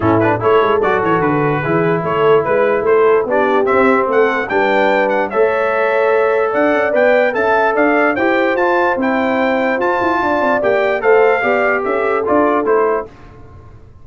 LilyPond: <<
  \new Staff \with { instrumentName = "trumpet" } { \time 4/4 \tempo 4 = 147 a'8 b'8 cis''4 d''8 cis''8 b'4~ | b'4 cis''4 b'4 c''4 | d''4 e''4 fis''4 g''4~ | g''8 fis''8 e''2. |
fis''4 g''4 a''4 f''4 | g''4 a''4 g''2 | a''2 g''4 f''4~ | f''4 e''4 d''4 c''4 | }
  \new Staff \with { instrumentName = "horn" } { \time 4/4 e'4 a'2. | gis'4 a'4 b'4 a'4 | g'2 a'4 b'4~ | b'4 cis''2. |
d''2 e''4 d''4 | c''1~ | c''4 d''2 c''4 | d''4 a'2. | }
  \new Staff \with { instrumentName = "trombone" } { \time 4/4 cis'8 d'8 e'4 fis'2 | e'1 | d'4 c'2 d'4~ | d'4 a'2.~ |
a'4 b'4 a'2 | g'4 f'4 e'2 | f'2 g'4 a'4 | g'2 f'4 e'4 | }
  \new Staff \with { instrumentName = "tuba" } { \time 4/4 a,4 a8 gis8 fis8 e8 d4 | e4 a4 gis4 a4 | b4 c'4 a4 g4~ | g4 a2. |
d'8 cis'8 b4 cis'4 d'4 | e'4 f'4 c'2 | f'8 e'8 d'8 c'8 ais4 a4 | b4 cis'4 d'4 a4 | }
>>